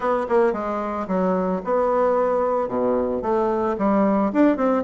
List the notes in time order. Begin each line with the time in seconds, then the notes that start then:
0.00 B3
0.29 A#3
0.52 G#3
1.07 F#3
1.64 B3
2.68 B2
3.22 A3
3.77 G3
4.32 D4
4.56 C4